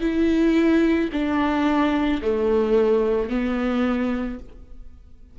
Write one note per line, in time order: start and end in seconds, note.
0.00 1.09 E4
1.12 2.21 D4
2.22 3.29 A3
3.29 4.38 B3